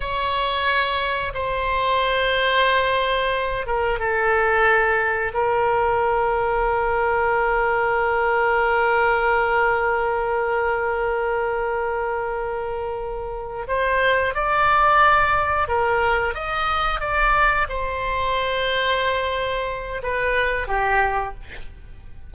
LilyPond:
\new Staff \with { instrumentName = "oboe" } { \time 4/4 \tempo 4 = 90 cis''2 c''2~ | c''4. ais'8 a'2 | ais'1~ | ais'1~ |
ais'1~ | ais'8 c''4 d''2 ais'8~ | ais'8 dis''4 d''4 c''4.~ | c''2 b'4 g'4 | }